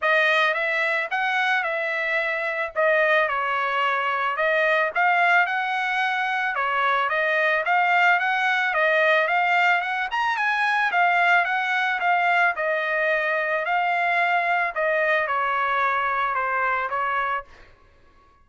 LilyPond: \new Staff \with { instrumentName = "trumpet" } { \time 4/4 \tempo 4 = 110 dis''4 e''4 fis''4 e''4~ | e''4 dis''4 cis''2 | dis''4 f''4 fis''2 | cis''4 dis''4 f''4 fis''4 |
dis''4 f''4 fis''8 ais''8 gis''4 | f''4 fis''4 f''4 dis''4~ | dis''4 f''2 dis''4 | cis''2 c''4 cis''4 | }